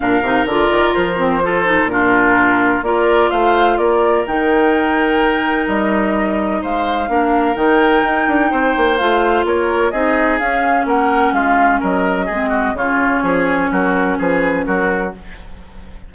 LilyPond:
<<
  \new Staff \with { instrumentName = "flute" } { \time 4/4 \tempo 4 = 127 f''4 d''4 c''2 | ais'2 d''4 f''4 | d''4 g''2. | dis''2 f''2 |
g''2. f''4 | cis''4 dis''4 f''4 fis''4 | f''4 dis''2 cis''4~ | cis''4 ais'4 b'4 ais'4 | }
  \new Staff \with { instrumentName = "oboe" } { \time 4/4 ais'2. a'4 | f'2 ais'4 c''4 | ais'1~ | ais'2 c''4 ais'4~ |
ais'2 c''2 | ais'4 gis'2 ais'4 | f'4 ais'4 gis'8 fis'8 f'4 | gis'4 fis'4 gis'4 fis'4 | }
  \new Staff \with { instrumentName = "clarinet" } { \time 4/4 d'8 dis'8 f'4. c'8 f'8 dis'8 | d'2 f'2~ | f'4 dis'2.~ | dis'2. d'4 |
dis'2. f'4~ | f'4 dis'4 cis'2~ | cis'2 c'4 cis'4~ | cis'1 | }
  \new Staff \with { instrumentName = "bassoon" } { \time 4/4 ais,8 c8 d8 dis8 f2 | ais,2 ais4 a4 | ais4 dis2. | g2 gis4 ais4 |
dis4 dis'8 d'8 c'8 ais8 a4 | ais4 c'4 cis'4 ais4 | gis4 fis4 gis4 cis4 | f4 fis4 f4 fis4 | }
>>